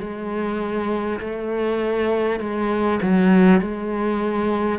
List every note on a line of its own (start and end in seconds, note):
0.00 1.20 G#3
1.20 2.40 A3
2.40 3.00 G#3
3.02 3.61 F#3
3.61 4.79 G#3